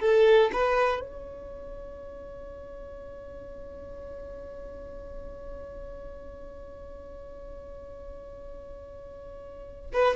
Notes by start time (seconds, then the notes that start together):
0.00 A4
0.53 B4
1.00 C#5
9.93 B4